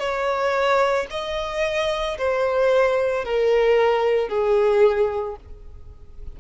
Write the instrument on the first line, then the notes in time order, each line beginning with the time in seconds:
violin
0.00 C#5
1.11 D#5
2.18 C5
3.25 A#4
4.29 G#4